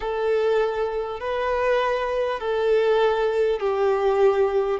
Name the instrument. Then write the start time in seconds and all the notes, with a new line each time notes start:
violin
0.00 A4
1.20 B4
2.39 A4
3.60 G4